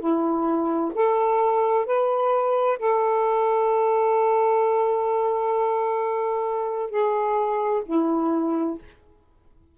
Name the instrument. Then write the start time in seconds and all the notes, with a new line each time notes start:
saxophone
0.00 E4
0.95 A4
1.86 B4
2.79 A4
6.90 G#4
7.85 E4